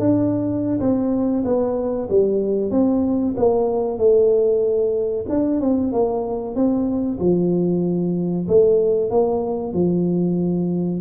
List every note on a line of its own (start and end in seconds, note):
0.00 0.80 D4
0.80 1.44 C4
1.45 2.09 B3
2.10 2.71 G3
2.71 3.35 C4
3.37 3.98 A#3
3.98 5.26 A3
5.30 5.61 D4
5.61 5.93 C4
5.93 6.55 A#3
6.55 7.19 C4
7.20 8.47 F3
8.48 9.11 A3
9.11 9.74 A#3
9.74 11.01 F3